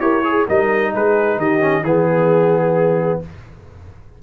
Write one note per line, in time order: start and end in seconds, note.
0.00 0.46 E4
0.00 0.23 G4
0.00 0.25 A#4
0.00 0.46 C#5
0.24 0.47 G#4
0.47 0.94 G3
0.47 1.60 D#4
0.47 0.92 A#4
0.47 0.94 D#5
0.93 1.37 G#3
0.93 1.38 G#4
0.93 1.39 B4
1.37 1.82 D#3
1.37 1.84 G4
1.37 1.84 D#5
1.60 1.83 C#4
1.82 3.19 E3
1.82 3.22 B3
1.82 3.20 G#4